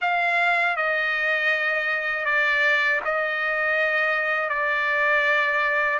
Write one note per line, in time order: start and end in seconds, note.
0.01 0.76 F5
0.76 2.25 D#5
2.25 3.00 D5
3.04 4.49 D#5
4.49 5.99 D5